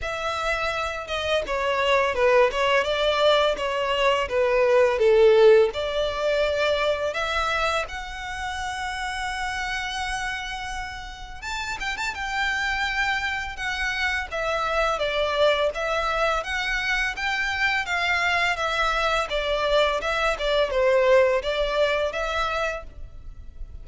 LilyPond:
\new Staff \with { instrumentName = "violin" } { \time 4/4 \tempo 4 = 84 e''4. dis''8 cis''4 b'8 cis''8 | d''4 cis''4 b'4 a'4 | d''2 e''4 fis''4~ | fis''1 |
a''8 g''16 a''16 g''2 fis''4 | e''4 d''4 e''4 fis''4 | g''4 f''4 e''4 d''4 | e''8 d''8 c''4 d''4 e''4 | }